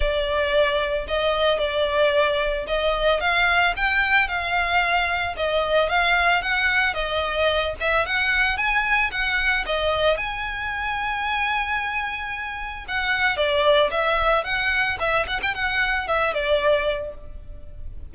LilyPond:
\new Staff \with { instrumentName = "violin" } { \time 4/4 \tempo 4 = 112 d''2 dis''4 d''4~ | d''4 dis''4 f''4 g''4 | f''2 dis''4 f''4 | fis''4 dis''4. e''8 fis''4 |
gis''4 fis''4 dis''4 gis''4~ | gis''1 | fis''4 d''4 e''4 fis''4 | e''8 fis''16 g''16 fis''4 e''8 d''4. | }